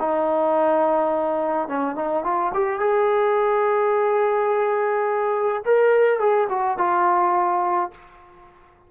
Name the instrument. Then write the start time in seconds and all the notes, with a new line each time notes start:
trombone
0.00 D#4
1.69 C#4
1.96 D#4
2.24 F4
2.54 G4
2.80 G#4
5.66 A#4
6.20 G#4
6.50 F#4
6.78 F4